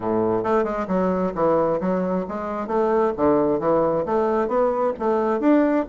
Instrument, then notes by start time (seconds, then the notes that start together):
bassoon
0.00 A2
0.43 A3
0.63 G#3
0.87 F#3
1.35 E3
1.80 F#3
2.28 G#3
2.67 A3
3.16 D3
3.59 E3
4.05 A3
4.47 B3
4.99 A3
5.40 D4